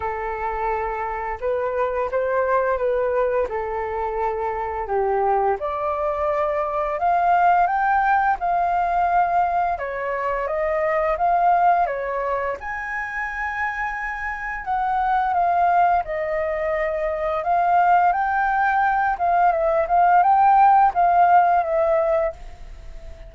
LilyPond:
\new Staff \with { instrumentName = "flute" } { \time 4/4 \tempo 4 = 86 a'2 b'4 c''4 | b'4 a'2 g'4 | d''2 f''4 g''4 | f''2 cis''4 dis''4 |
f''4 cis''4 gis''2~ | gis''4 fis''4 f''4 dis''4~ | dis''4 f''4 g''4. f''8 | e''8 f''8 g''4 f''4 e''4 | }